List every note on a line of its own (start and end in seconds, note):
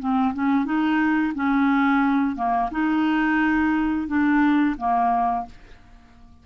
0.00 0.34 C4
0.34 0.65 C#4
0.65 1.33 D#4
1.35 2.36 C#4
2.36 2.70 A#3
2.71 4.08 D#4
4.08 4.76 D4
4.78 5.46 A#3